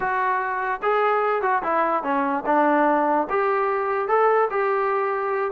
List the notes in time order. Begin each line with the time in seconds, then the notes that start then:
0.00 F#4
0.82 G#4
1.42 F#4
1.63 E4
2.03 C#4
2.45 D4
3.29 G4
4.07 A4
4.50 G4